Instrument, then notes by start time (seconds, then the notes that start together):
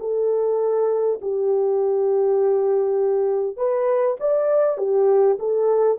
horn
0.00 A4
1.22 G4
3.57 B4
4.21 D5
4.78 G4
5.39 A4